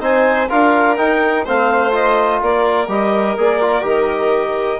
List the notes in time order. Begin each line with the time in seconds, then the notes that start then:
0.00 C4 D#4 C5 G#5
0.49 D4 F4 A#4 F5
0.97 D#4 G5
1.44 A3 C4 C5 F5
1.91 F4 D#5
2.42 A#3 A#4 D5
2.88 G3 G4 D#5
3.37 A#3 G#4 D5
3.61 F4
3.82 D#3 G4 D#5